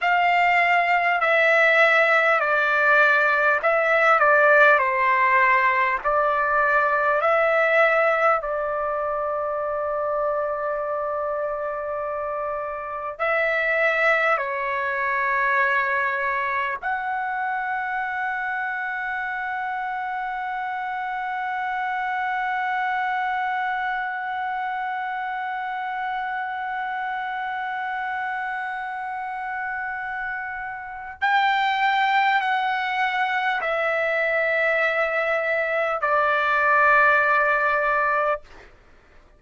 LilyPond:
\new Staff \with { instrumentName = "trumpet" } { \time 4/4 \tempo 4 = 50 f''4 e''4 d''4 e''8 d''8 | c''4 d''4 e''4 d''4~ | d''2. e''4 | cis''2 fis''2~ |
fis''1~ | fis''1~ | fis''2 g''4 fis''4 | e''2 d''2 | }